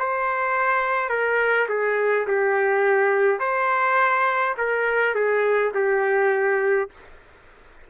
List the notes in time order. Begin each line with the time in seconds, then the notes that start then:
0.00 C5
1.10 A#4
1.69 G#4
2.28 G4
3.40 C5
4.58 A#4
5.15 G#4
5.75 G4